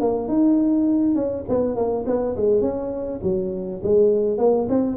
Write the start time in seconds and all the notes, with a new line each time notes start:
0.00 A#3
0.28 D#4
1.15 C#4
1.48 B3
1.75 A#3
2.06 B3
2.36 G#3
2.61 C#4
3.22 F#3
3.83 G#3
4.38 A#3
4.69 C4